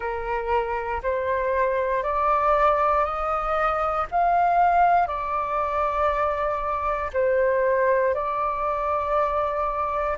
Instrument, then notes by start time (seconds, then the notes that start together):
flute
0.00 A#4
1.03 C5
2.03 D5
3.05 D#5
4.11 F5
5.07 D5
7.13 C5
8.14 D5